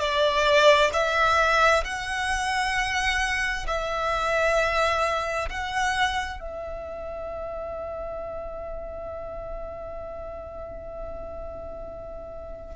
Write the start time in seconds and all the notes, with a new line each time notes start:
0.00 D5
0.93 E5
1.84 F#5
3.67 E5
5.50 F#5
6.40 E5